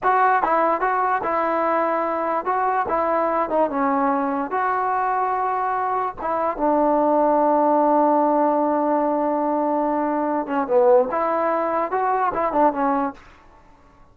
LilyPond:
\new Staff \with { instrumentName = "trombone" } { \time 4/4 \tempo 4 = 146 fis'4 e'4 fis'4 e'4~ | e'2 fis'4 e'4~ | e'8 dis'8 cis'2 fis'4~ | fis'2. e'4 |
d'1~ | d'1~ | d'4. cis'8 b4 e'4~ | e'4 fis'4 e'8 d'8 cis'4 | }